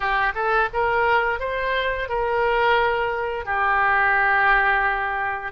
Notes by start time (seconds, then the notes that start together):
0.00 G4
0.34 A4
0.73 A#4
1.39 C5
2.08 A#4
3.45 G4